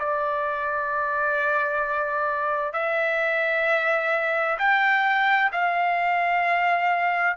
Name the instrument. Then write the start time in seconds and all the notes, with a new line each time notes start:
trumpet
0.00 D5
2.74 E5
4.59 G5
5.53 F5